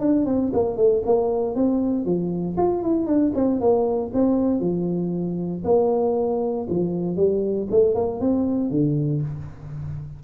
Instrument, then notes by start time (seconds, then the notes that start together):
tuba
0.00 D4
0.26 C4
0.53 A#3
0.76 A3
1.05 A#3
1.55 C4
2.05 F3
2.57 F4
2.83 E4
3.07 D4
3.34 C4
3.60 A#3
4.14 C4
4.60 F3
5.64 A#3
6.69 F3
7.16 G3
7.71 A3
7.95 A#3
8.20 C4
8.70 D3